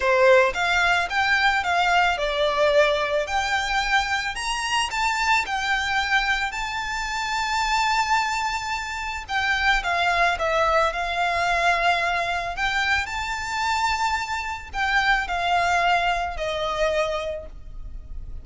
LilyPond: \new Staff \with { instrumentName = "violin" } { \time 4/4 \tempo 4 = 110 c''4 f''4 g''4 f''4 | d''2 g''2 | ais''4 a''4 g''2 | a''1~ |
a''4 g''4 f''4 e''4 | f''2. g''4 | a''2. g''4 | f''2 dis''2 | }